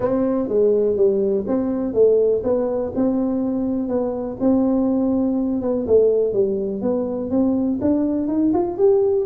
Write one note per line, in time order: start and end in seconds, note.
0.00 0.48 C4
0.48 0.96 G#3
0.96 1.45 G3
1.47 1.93 C4
1.93 2.42 A3
2.43 2.92 B3
2.95 3.88 C4
3.88 4.37 B3
4.39 5.61 C4
5.61 5.86 B3
5.86 6.33 A3
6.33 6.81 G3
6.81 7.30 B3
7.30 7.79 C4
7.81 8.27 D4
8.27 8.51 D#4
8.53 8.77 F4
8.77 9.25 G4